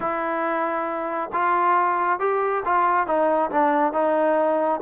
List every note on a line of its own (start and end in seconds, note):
0.00 1.30 E4
1.32 2.19 F4
2.19 2.63 G4
2.65 3.06 F4
3.06 3.50 D#4
3.50 3.92 D4
3.92 4.80 D#4